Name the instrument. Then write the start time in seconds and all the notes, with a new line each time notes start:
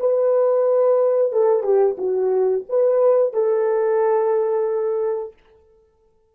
horn
0.00 B4
1.32 A4
1.63 G4
1.98 F#4
2.69 B4
3.34 A4